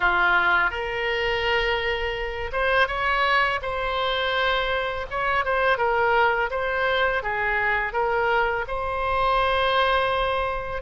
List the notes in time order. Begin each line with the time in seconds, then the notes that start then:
0.00 F4
0.70 A#4
2.52 C5
2.87 C#5
3.61 C5
5.10 C#5
5.44 C5
5.77 A#4
6.50 C5
7.23 G#4
7.92 A#4
8.67 C5